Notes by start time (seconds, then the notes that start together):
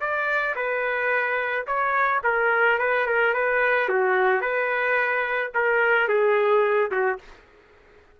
0.00 D5
0.56 B4
1.66 C#5
2.23 A#4
2.78 B4
3.06 A#4
3.34 B4
3.89 F#4
4.41 B4
5.54 A#4
6.08 G#4
6.91 F#4